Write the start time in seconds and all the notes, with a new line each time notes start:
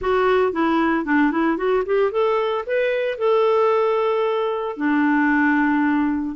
0.01 F#4
0.52 E4
1.05 D4
1.31 E4
1.57 F#4
1.85 G4
2.11 A4
2.66 B4
3.17 A4
4.76 D4